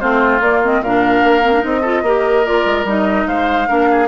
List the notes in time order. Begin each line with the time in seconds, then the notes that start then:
0.00 A3 C4 F4 C5
0.41 A#3 D5
0.64 C4 D#5
0.82 A#2 D4 A#4 F5
1.24 A#3
1.44 C4
1.53 D4
1.60 C4 D#4 D#5
1.81 F4 A4
2.03 A#3 G4 A#4
2.45 F4 D5
2.66 G#3
2.85 G3 D#4 D#5
3.27 G#3 C5 F5
3.68 A#3 D4 A#4
3.91 G#4